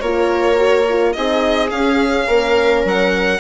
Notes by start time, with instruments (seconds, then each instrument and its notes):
0.00 bassoon A#3, horn F4, viola A#4, violin C#5
0.56 horn F#4
0.89 horn F4
1.13 bassoon C4, horn D#4, viola G#4, violin D#5
1.70 bassoon C#4, horn C#4, violin F5
2.27 bassoon A#3, viola A#4
2.85 bassoon F#3, violin F#5